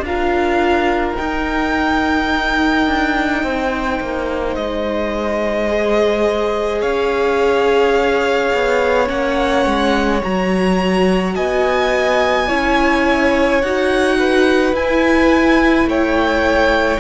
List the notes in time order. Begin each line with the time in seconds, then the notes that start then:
0.00 D4 F4 A#4 F5
1.16 D#4 G5
2.87 D4
3.43 C4 C5
4.00 A#3
4.55 G#3 D#5
5.68 G#4
6.81 C#4 C#5 F5
8.54 B3
9.06 A#3 C#4 F#5
9.66 G#3
10.23 F#3 F#4 A#5
11.35 B3 D#5 G#5
12.48 C#4 E4 C#5
13.62 D#4 F#4 F#5
14.19 B4
14.73 E4 G#5
15.85 A3 C#5 G5